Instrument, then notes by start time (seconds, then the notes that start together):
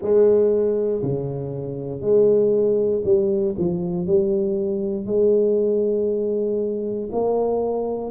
tuba
0.02 G#3
1.02 C#3
2.00 G#3
3.04 G3
3.58 F3
4.06 G3
5.06 G#3
7.12 A#3